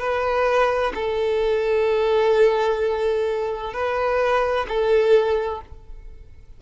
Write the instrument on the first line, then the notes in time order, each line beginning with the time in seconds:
violin
0.00 B4
0.95 A4
3.74 B4
4.68 A4